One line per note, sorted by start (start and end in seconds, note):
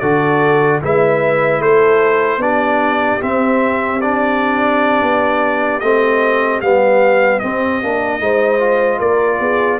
0.00 0.82 D3
0.00 0.82 F#4
0.00 0.81 A4
0.00 0.80 D5
0.82 1.60 G#3
0.82 2.40 E4
0.82 1.63 B4
0.82 1.62 E5
1.60 2.38 A3
1.60 2.42 A4
1.60 2.42 C5
2.38 3.18 B3
2.38 3.20 D4
2.38 8.22 G4
2.38 3.22 D5
3.21 4.01 C4
3.21 5.02 C4
3.21 4.01 E5
4.01 5.82 D4
4.01 5.80 D5
5.02 5.82 B3
5.80 6.62 A3
5.80 6.63 C4
5.80 6.60 D#5
6.61 7.42 G3
6.61 7.43 B3
6.61 7.40 F5
7.40 7.83 C4
7.40 9.00 D#5
7.83 8.20 A#3
7.83 8.20 D4
8.20 9.00 G#3
8.20 8.60 D#4
8.20 8.99 C5
8.60 9.80 F4
8.99 9.40 A#3
8.99 9.39 A#4
8.99 9.80 D5
9.40 9.80 B3
9.40 9.80 G#4